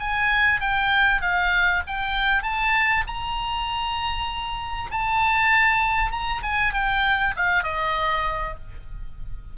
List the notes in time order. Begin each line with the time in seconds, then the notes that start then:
0.00 G#5
0.61 G5
1.22 F5
1.87 G5
2.43 A5
3.07 A#5
4.91 A5
6.12 A#5
6.43 G#5
6.74 G5
7.36 F5
7.64 D#5